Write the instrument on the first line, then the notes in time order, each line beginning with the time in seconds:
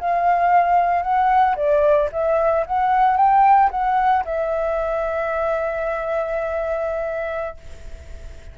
flute
0.00 F5
1.03 F#5
1.56 D5
2.12 E5
2.67 F#5
3.17 G5
3.71 F#5
4.25 E5